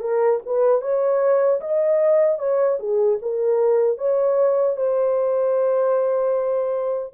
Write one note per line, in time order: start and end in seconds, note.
0.00 0.39 A#4
0.46 0.81 B4
0.81 1.60 C#5
1.60 2.38 D#5
2.38 2.78 C#5
2.79 3.19 G#4
3.22 3.98 A#4
3.98 4.77 C#5
4.77 7.13 C5